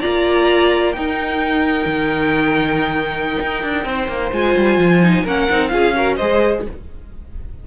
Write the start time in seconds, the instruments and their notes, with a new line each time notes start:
0.00 cello A#3, viola F4, violin D5 A#5
0.93 viola D#4, cello D#4, violin A#4 G5
1.86 cello D#3
3.41 cello D#4
3.63 cello D4
3.85 cello C4, violin C5
4.09 cello A#3
4.32 cello G#3, viola F4, violin G#5
4.57 cello G3
4.78 cello F3
5.03 viola D#4
5.24 cello A#3, viola C#4, violin A#4 F#5
5.50 cello C4, viola D#4
5.69 cello C#4, viola F4, violin G#4 F5
5.96 viola F#4, violin A#4
6.17 cello G#3, viola G#4, violin C5 D#5